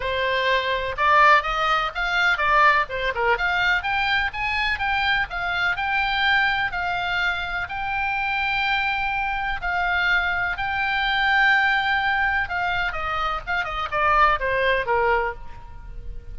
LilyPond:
\new Staff \with { instrumentName = "oboe" } { \time 4/4 \tempo 4 = 125 c''2 d''4 dis''4 | f''4 d''4 c''8 ais'8 f''4 | g''4 gis''4 g''4 f''4 | g''2 f''2 |
g''1 | f''2 g''2~ | g''2 f''4 dis''4 | f''8 dis''8 d''4 c''4 ais'4 | }